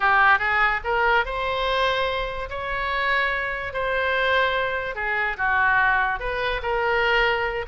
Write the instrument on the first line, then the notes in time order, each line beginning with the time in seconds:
oboe
0.00 G4
0.38 G#4
0.84 A#4
1.25 C5
2.49 C#5
3.73 C5
4.95 G#4
5.37 F#4
6.19 B4
6.62 A#4